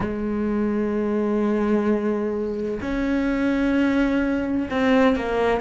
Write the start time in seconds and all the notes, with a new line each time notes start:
0.00 G#3
2.81 C#4
4.70 C4
5.16 A#3